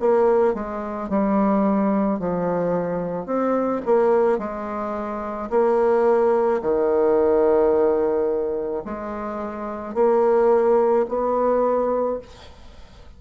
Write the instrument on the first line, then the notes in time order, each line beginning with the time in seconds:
bassoon
0.00 A#3
0.54 G#3
1.09 G3
2.19 F3
3.26 C4
3.85 A#3
4.38 G#3
5.50 A#3
6.61 D#3
8.84 G#3
9.94 A#3
11.08 B3